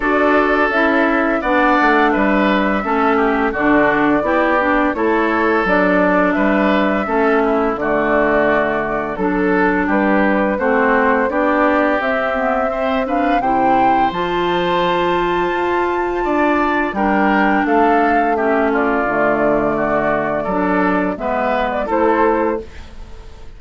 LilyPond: <<
  \new Staff \with { instrumentName = "flute" } { \time 4/4 \tempo 4 = 85 d''4 e''4 fis''4 e''4~ | e''4 d''2 cis''4 | d''4 e''2 d''4~ | d''4 a'4 b'4 c''4 |
d''4 e''4. f''8 g''4 | a''1 | g''4 f''4 e''8 d''4.~ | d''2 e''8. d''16 c''4 | }
  \new Staff \with { instrumentName = "oboe" } { \time 4/4 a'2 d''4 b'4 | a'8 g'8 fis'4 g'4 a'4~ | a'4 b'4 a'8 e'8 fis'4~ | fis'4 a'4 g'4 fis'4 |
g'2 c''8 b'8 c''4~ | c''2. d''4 | ais'4 a'4 g'8 f'4. | fis'4 a'4 b'4 a'4 | }
  \new Staff \with { instrumentName = "clarinet" } { \time 4/4 fis'4 e'4 d'2 | cis'4 d'4 e'8 d'8 e'4 | d'2 cis'4 a4~ | a4 d'2 c'4 |
d'4 c'8 b8 c'8 d'8 e'4 | f'1 | d'2 cis'4 a4~ | a4 d'4 b4 e'4 | }
  \new Staff \with { instrumentName = "bassoon" } { \time 4/4 d'4 cis'4 b8 a8 g4 | a4 d4 b4 a4 | fis4 g4 a4 d4~ | d4 fis4 g4 a4 |
b4 c'2 c4 | f2 f'4 d'4 | g4 a2 d4~ | d4 fis4 gis4 a4 | }
>>